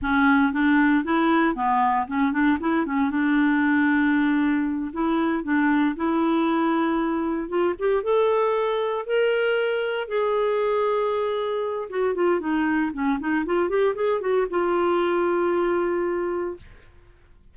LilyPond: \new Staff \with { instrumentName = "clarinet" } { \time 4/4 \tempo 4 = 116 cis'4 d'4 e'4 b4 | cis'8 d'8 e'8 cis'8 d'2~ | d'4. e'4 d'4 e'8~ | e'2~ e'8 f'8 g'8 a'8~ |
a'4. ais'2 gis'8~ | gis'2. fis'8 f'8 | dis'4 cis'8 dis'8 f'8 g'8 gis'8 fis'8 | f'1 | }